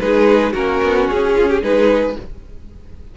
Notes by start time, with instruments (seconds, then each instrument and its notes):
0.00 cello G#3, viola D#4, violin G#4 B4
0.53 cello A#3, viola C#4, violin F#4 A#4
0.83 cello B3
1.10 cello C#4, violin G#4
1.36 violin F4
1.49 violin G4
1.62 cello G#3, viola D#4, violin G#4 B4